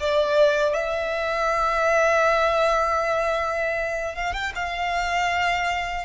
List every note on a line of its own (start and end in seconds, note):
0.00 0.74 D5
0.74 4.15 E5
4.15 4.33 F5
4.33 4.52 G5
4.55 6.05 F5